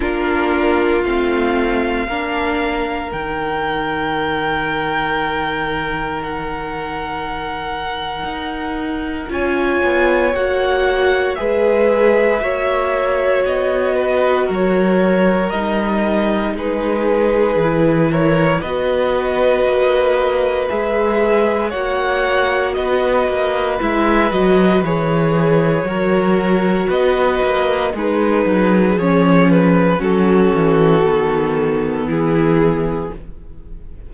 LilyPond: <<
  \new Staff \with { instrumentName = "violin" } { \time 4/4 \tempo 4 = 58 ais'4 f''2 g''4~ | g''2 fis''2~ | fis''4 gis''4 fis''4 e''4~ | e''4 dis''4 cis''4 dis''4 |
b'4. cis''8 dis''2 | e''4 fis''4 dis''4 e''8 dis''8 | cis''2 dis''4 b'4 | cis''8 b'8 a'2 gis'4 | }
  \new Staff \with { instrumentName = "violin" } { \time 4/4 f'2 ais'2~ | ais'1~ | ais'4 cis''2 b'4 | cis''4. b'8 ais'2 |
gis'4. ais'8 b'2~ | b'4 cis''4 b'2~ | b'4 ais'4 b'4 dis'4 | cis'4 fis'2 e'4 | }
  \new Staff \with { instrumentName = "viola" } { \time 4/4 d'4 c'4 d'4 dis'4~ | dis'1~ | dis'4 f'4 fis'4 gis'4 | fis'2. dis'4~ |
dis'4 e'4 fis'2 | gis'4 fis'2 e'8 fis'8 | gis'4 fis'2 gis'4~ | gis'4 cis'4 b2 | }
  \new Staff \with { instrumentName = "cello" } { \time 4/4 ais4 a4 ais4 dis4~ | dis1 | dis'4 cis'8 b8 ais4 gis4 | ais4 b4 fis4 g4 |
gis4 e4 b4 ais4 | gis4 ais4 b8 ais8 gis8 fis8 | e4 fis4 b8 ais8 gis8 fis8 | f4 fis8 e8 dis4 e4 | }
>>